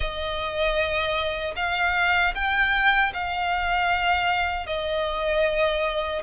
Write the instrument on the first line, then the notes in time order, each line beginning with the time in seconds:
violin
0.00 D#5
1.55 F5
2.34 G5
3.13 F5
4.66 D#5